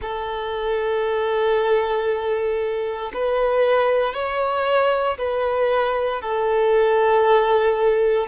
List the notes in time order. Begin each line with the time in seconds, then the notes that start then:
0.01 A4
3.13 B4
4.14 C#5
5.18 B4
6.21 A4